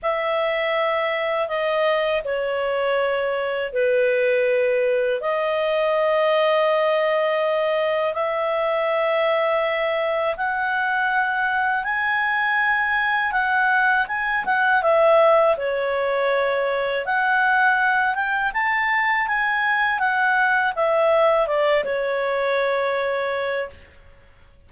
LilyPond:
\new Staff \with { instrumentName = "clarinet" } { \time 4/4 \tempo 4 = 81 e''2 dis''4 cis''4~ | cis''4 b'2 dis''4~ | dis''2. e''4~ | e''2 fis''2 |
gis''2 fis''4 gis''8 fis''8 | e''4 cis''2 fis''4~ | fis''8 g''8 a''4 gis''4 fis''4 | e''4 d''8 cis''2~ cis''8 | }